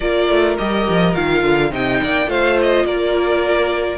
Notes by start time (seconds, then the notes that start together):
0.00 A#3 F4 A#4 D5
0.29 A3
0.57 G3 G4 D#5
0.88 F3
1.13 D#3 F4 F5
1.43 D3
1.71 C3 D#4 D#5 G5
2.03 A#3 D5
2.26 A3 F4 C5 F5
2.61 D#5
2.85 A#3 A#4 D5